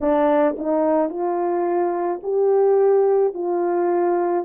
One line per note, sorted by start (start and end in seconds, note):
0.00 0.56 D4
0.58 1.09 D#4
1.09 2.20 F4
2.22 3.33 G4
3.33 4.44 F4